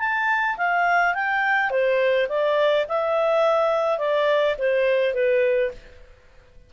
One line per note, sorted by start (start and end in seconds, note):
0.00 0.57 A5
0.58 1.15 F5
1.15 1.71 G5
1.71 2.28 C5
2.29 2.86 D5
2.89 3.99 E5
3.99 4.56 D5
4.59 5.15 C5
5.15 5.72 B4